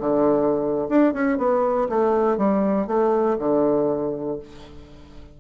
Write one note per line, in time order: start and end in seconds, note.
0.00 0.88 D3
0.89 1.14 D4
1.14 1.38 C#4
1.38 1.89 B3
1.89 2.38 A3
2.38 2.87 G3
2.87 3.38 A3
3.39 4.40 D3